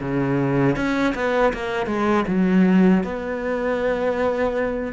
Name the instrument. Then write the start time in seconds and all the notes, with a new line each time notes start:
cello
0.00 C#3
0.76 C#4
1.14 B3
1.53 A#3
1.86 G#3
2.27 F#3
3.03 B3